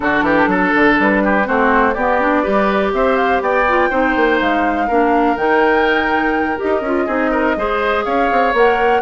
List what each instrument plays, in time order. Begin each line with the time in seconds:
0.00 bassoon D3, clarinet D4, oboe F#4, flute A4
0.22 bassoon E3, oboe G4
0.47 bassoon F#3, oboe A4
0.75 bassoon D3
0.98 bassoon G3, flute B4
1.23 oboe G4
1.44 bassoon A3, clarinet C4, oboe F#4, flute C5
1.93 bassoon B3, clarinet B3, oboe G4, flute D5
2.20 clarinet D4
2.43 bassoon G3, clarinet G4, oboe B4
2.92 bassoon C4, oboe C5, flute E5
3.17 flute F5
3.41 bassoon B3, oboe D5, flute G5
3.68 clarinet F4
3.89 bassoon C4, clarinet D#4, oboe C5
4.16 bassoon A#3
4.40 bassoon G#3, flute F5
4.87 bassoon A#3, clarinet D4, oboe A#4
5.35 bassoon D#3, clarinet D#4, flute G5
6.56 clarinet G4, flute D#5
6.63 bassoon D#4
6.80 bassoon C#4, clarinet F4
7.06 bassoon C4, clarinet D#4, oboe G#4
7.31 oboe A#4
7.56 bassoon G#3, clarinet G#4, oboe C5
8.04 bassoon C#4, oboe C#5, flute F5
8.31 bassoon C4
8.53 bassoon A#3, clarinet A#4, flute F#5